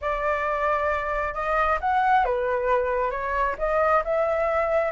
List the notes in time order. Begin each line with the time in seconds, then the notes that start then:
0.01 D5
1.34 D#5
1.80 F#5
2.24 B4
3.11 C#5
3.58 D#5
4.04 E5